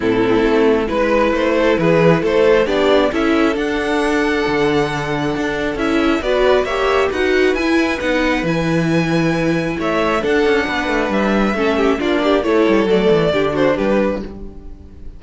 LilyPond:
<<
  \new Staff \with { instrumentName = "violin" } { \time 4/4 \tempo 4 = 135 a'2 b'4 c''4 | b'4 c''4 d''4 e''4 | fis''1~ | fis''4 e''4 d''4 e''4 |
fis''4 gis''4 fis''4 gis''4~ | gis''2 e''4 fis''4~ | fis''4 e''2 d''4 | cis''4 d''4. c''8 b'4 | }
  \new Staff \with { instrumentName = "violin" } { \time 4/4 e'2 b'4. a'8 | gis'4 a'4 g'4 a'4~ | a'1~ | a'2 b'4 cis''4 |
b'1~ | b'2 cis''4 a'4 | b'2 a'8 g'8 f'8 g'8 | a'2 g'8 fis'8 g'4 | }
  \new Staff \with { instrumentName = "viola" } { \time 4/4 c'2 e'2~ | e'2 d'4 e'4 | d'1~ | d'4 e'4 fis'4 g'4 |
fis'4 e'4 dis'4 e'4~ | e'2. d'4~ | d'2 cis'4 d'4 | e'4 a4 d'2 | }
  \new Staff \with { instrumentName = "cello" } { \time 4/4 a,4 a4 gis4 a4 | e4 a4 b4 cis'4 | d'2 d2 | d'4 cis'4 b4 ais4 |
dis'4 e'4 b4 e4~ | e2 a4 d'8 cis'8 | b8 a8 g4 a4 ais4 | a8 g8 fis8 e8 d4 g4 | }
>>